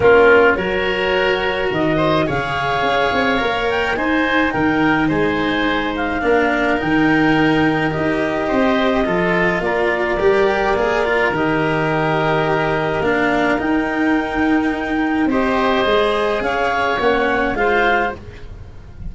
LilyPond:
<<
  \new Staff \with { instrumentName = "clarinet" } { \time 4/4 \tempo 4 = 106 ais'4 cis''2 dis''4 | f''2~ f''8 g''8 gis''4 | g''4 gis''4. f''4. | g''2 dis''2~ |
dis''4 d''2. | dis''2. f''4 | g''2. dis''4~ | dis''4 f''4 fis''4 f''4 | }
  \new Staff \with { instrumentName = "oboe" } { \time 4/4 f'4 ais'2~ ais'8 c''8 | cis''2. c''4 | ais'4 c''2 ais'4~ | ais'2. c''4 |
a'4 ais'2.~ | ais'1~ | ais'2. c''4~ | c''4 cis''2 c''4 | }
  \new Staff \with { instrumentName = "cello" } { \time 4/4 cis'4 fis'2. | gis'2 ais'4 dis'4~ | dis'2. d'4 | dis'2 g'2 |
f'2 g'4 gis'8 f'8 | g'2. d'4 | dis'2. g'4 | gis'2 cis'4 f'4 | }
  \new Staff \with { instrumentName = "tuba" } { \time 4/4 ais4 fis2 dis4 | cis4 cis'8 c'8 ais4 dis'4 | dis4 gis2 ais4 | dis2 dis'4 c'4 |
f4 ais4 g4 ais4 | dis2. ais4 | dis'2. c'4 | gis4 cis'4 ais4 gis4 | }
>>